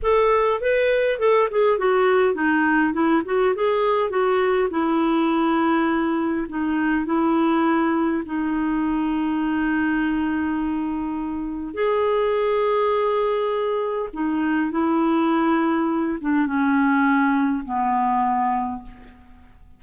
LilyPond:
\new Staff \with { instrumentName = "clarinet" } { \time 4/4 \tempo 4 = 102 a'4 b'4 a'8 gis'8 fis'4 | dis'4 e'8 fis'8 gis'4 fis'4 | e'2. dis'4 | e'2 dis'2~ |
dis'1 | gis'1 | dis'4 e'2~ e'8 d'8 | cis'2 b2 | }